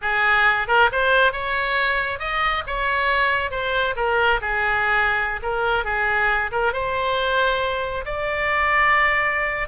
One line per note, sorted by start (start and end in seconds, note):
0.01 0.67 G#4
0.67 0.89 A#4
0.91 1.32 C5
1.32 2.19 C#5
2.19 2.63 D#5
2.66 3.51 C#5
3.51 3.95 C5
3.96 4.40 A#4
4.41 5.40 G#4
5.42 5.84 A#4
5.84 6.50 G#4
6.51 6.72 A#4
6.72 8.05 C5
8.05 9.68 D5